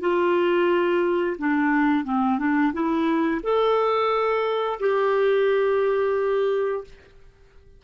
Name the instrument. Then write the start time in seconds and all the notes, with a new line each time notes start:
clarinet
0.00 F4
1.38 D4
2.04 C4
2.38 D4
2.73 E4
3.43 A4
4.80 G4